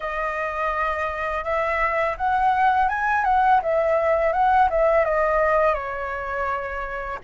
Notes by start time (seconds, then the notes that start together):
0.00 D#5
1.44 E5
2.17 F#5
2.88 G#5
3.24 F#5
3.62 E5
4.32 F#5
4.70 E5
5.04 D#5
5.74 C#5